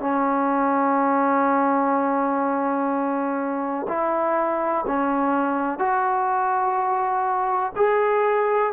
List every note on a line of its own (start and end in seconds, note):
0.00 3.87 C#4
3.89 4.86 E4
4.88 5.79 C#4
5.79 7.73 F#4
7.76 8.73 G#4